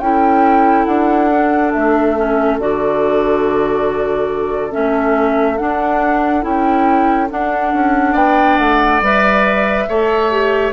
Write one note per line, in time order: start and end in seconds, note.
0.00 0.86 C#4
0.00 1.31 E4
0.00 8.13 A4
0.00 0.86 G5
0.86 1.73 D4
0.86 1.71 F#5
1.32 2.17 D4
1.72 2.59 A3
1.72 2.58 E5
2.17 2.60 C#4
2.59 4.74 D3
2.59 4.71 F#4
2.59 4.73 D5
4.71 5.61 A3
4.71 5.57 C#4
4.71 5.58 E5
5.58 6.42 D4
5.58 6.44 D4
5.58 6.44 F#5
6.42 7.30 C#4
6.42 7.27 E4
6.42 7.30 G5
7.30 9.01 D4
7.30 7.74 D4
7.30 8.16 F#5
7.74 8.15 C#4
8.13 8.58 B3
8.13 9.84 D5
8.13 8.58 G5
8.58 9.01 A3
8.58 9.01 F#5
9.01 9.87 G3
9.01 9.89 B4
9.01 10.73 E5
9.89 10.73 A3
9.89 10.31 A4
9.89 10.73 C#5
10.31 10.73 G4